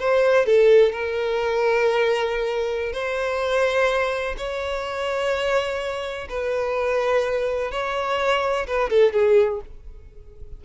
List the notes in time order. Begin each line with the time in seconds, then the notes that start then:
0.00 C5
0.46 A4
0.93 A#4
2.93 C5
4.38 C#5
6.30 B4
7.72 C#5
8.68 B4
8.90 A4
9.13 G#4